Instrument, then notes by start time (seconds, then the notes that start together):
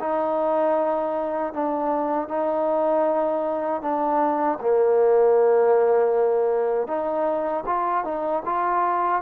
trombone
0.00 D#4
1.53 D4
2.28 D#4
3.82 D4
4.61 A#3
6.87 D#4
7.66 F4
8.05 D#4
8.46 F4